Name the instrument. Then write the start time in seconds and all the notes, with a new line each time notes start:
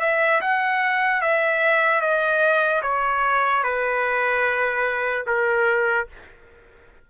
trumpet
0.00 E5
0.41 F#5
1.22 E5
2.01 D#5
2.82 C#5
3.63 B4
5.27 A#4